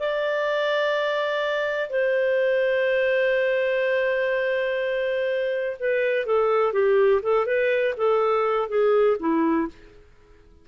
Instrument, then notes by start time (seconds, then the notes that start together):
clarinet
0.00 D5
1.90 C5
5.80 B4
6.27 A4
6.73 G4
7.23 A4
7.46 B4
7.98 A4
8.69 G#4
9.20 E4